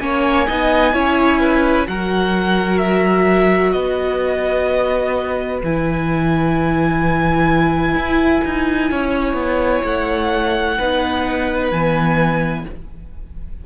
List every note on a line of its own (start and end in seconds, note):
0.00 0.47 A#3
0.00 0.47 C#4
0.00 0.47 C#5
0.00 1.87 G#5
0.47 0.94 B3
0.47 0.93 D#4
0.47 0.94 D#5
0.93 1.87 C#4
0.93 1.87 E4
0.93 1.40 C#5
1.40 1.87 B4
1.87 3.74 F#3
1.87 5.63 F#4
1.87 3.74 A#4
1.87 2.78 F#5
2.78 3.71 E5
3.71 5.61 B3
3.71 8.90 B4
3.71 5.59 D#5
5.63 7.95 E3
5.63 10.80 E4
5.63 9.85 G#5
7.95 8.42 E4
8.45 8.91 D#4
8.91 9.34 C#4
8.91 10.78 C#5
9.34 9.80 B3
9.84 10.78 A3
9.84 11.71 F#5
10.78 11.71 B3
10.78 11.72 D#4
10.78 12.65 B4
11.71 12.65 E3
11.71 12.66 B3
11.71 12.65 G#5